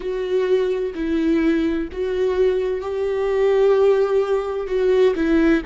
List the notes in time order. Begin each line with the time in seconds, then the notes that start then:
0.00 F#4
0.94 E4
1.91 F#4
2.81 G4
4.67 F#4
5.15 E4